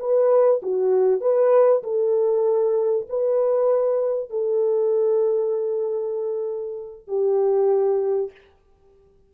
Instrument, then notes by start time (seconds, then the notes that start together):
horn
0.00 B4
0.63 F#4
1.21 B4
1.84 A4
3.10 B4
4.30 A4
7.08 G4